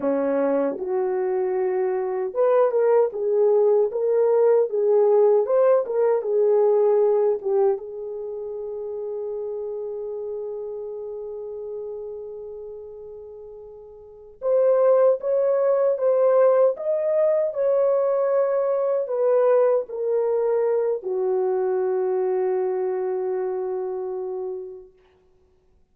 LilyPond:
\new Staff \with { instrumentName = "horn" } { \time 4/4 \tempo 4 = 77 cis'4 fis'2 b'8 ais'8 | gis'4 ais'4 gis'4 c''8 ais'8 | gis'4. g'8 gis'2~ | gis'1~ |
gis'2~ gis'8 c''4 cis''8~ | cis''8 c''4 dis''4 cis''4.~ | cis''8 b'4 ais'4. fis'4~ | fis'1 | }